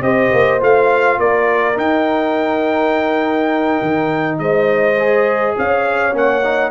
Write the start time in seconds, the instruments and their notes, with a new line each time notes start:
0.00 tuba C4, trombone G4, horn C5, trumpet D#5
0.32 tuba A#3
0.59 tuba A3, trombone F4, trumpet F5
1.18 tuba A#3, horn A#4, trumpet D5
1.74 trombone D#4, tuba D#4, trumpet G5
3.81 tuba D#3
4.38 tuba G#3, horn C5, trumpet D#5
4.99 trombone G#4
5.58 tuba C#4, horn C#5, trumpet F5
6.12 tuba A#3, trombone C#4, trumpet F#5
6.43 trombone D#4